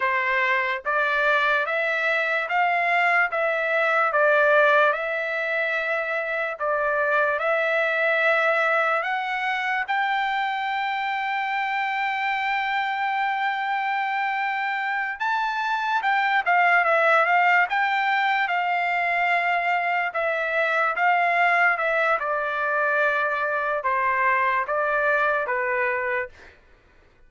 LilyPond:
\new Staff \with { instrumentName = "trumpet" } { \time 4/4 \tempo 4 = 73 c''4 d''4 e''4 f''4 | e''4 d''4 e''2 | d''4 e''2 fis''4 | g''1~ |
g''2~ g''8 a''4 g''8 | f''8 e''8 f''8 g''4 f''4.~ | f''8 e''4 f''4 e''8 d''4~ | d''4 c''4 d''4 b'4 | }